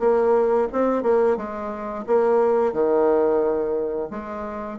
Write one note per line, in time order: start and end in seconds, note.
0.00 0.68 A#3
0.73 1.03 C4
1.03 1.37 A#3
1.37 2.05 G#3
2.07 2.73 A#3
2.73 4.09 D#3
4.11 4.79 G#3